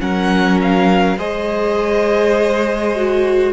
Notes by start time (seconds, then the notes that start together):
0.00 F#3 C#4 A#4 F#5
0.62 F5
1.18 G#3 G#4 C5 D#5
2.96 F#4